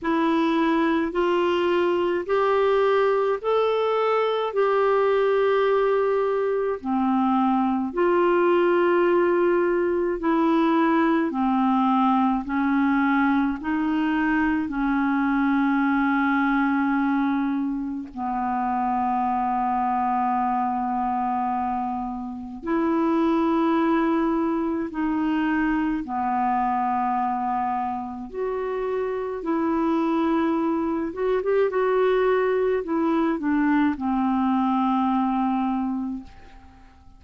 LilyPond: \new Staff \with { instrumentName = "clarinet" } { \time 4/4 \tempo 4 = 53 e'4 f'4 g'4 a'4 | g'2 c'4 f'4~ | f'4 e'4 c'4 cis'4 | dis'4 cis'2. |
b1 | e'2 dis'4 b4~ | b4 fis'4 e'4. fis'16 g'16 | fis'4 e'8 d'8 c'2 | }